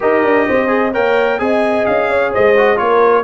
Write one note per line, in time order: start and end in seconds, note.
0.00 0.23 D#4
0.00 0.67 G4
0.00 0.47 A#4
0.00 0.94 D#5
0.23 0.47 D4
0.47 0.95 C4
0.47 0.92 C5
0.68 0.91 G#4
0.92 1.40 A#3
0.92 1.38 A#4
0.92 1.38 C#5
0.92 1.39 G5
1.38 1.86 C4
1.38 2.55 G#4
1.38 2.09 D#5
1.38 1.86 G#5
1.86 2.34 C#4
1.86 2.32 F5
2.09 2.30 C#5
2.30 2.77 C5
2.30 2.77 D#5
2.37 2.80 G#3
2.57 2.76 F#4
2.76 3.23 A#3
2.76 3.23 F4
2.76 3.23 A#4
2.76 3.23 C#5